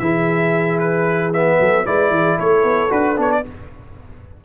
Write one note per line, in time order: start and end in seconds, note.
0.00 1.58 E3
0.00 1.33 E4
0.00 1.60 G#4
0.00 0.79 E5
0.79 1.32 B4
1.33 1.86 B3
1.33 1.86 E5
1.61 1.87 F#3
1.61 1.87 A4
1.86 2.10 G#3
1.86 2.90 E4
1.86 2.13 B4
1.86 2.39 D5
2.10 2.36 E3
2.10 2.37 G#4
2.37 2.64 A3
2.37 3.42 A4
2.37 2.92 C#5
2.64 2.90 B3
2.90 3.18 D4
2.90 3.16 F#4
2.90 3.18 B4
3.18 3.44 B3
3.18 3.44 D4
3.18 3.32 C#5
3.32 3.45 D5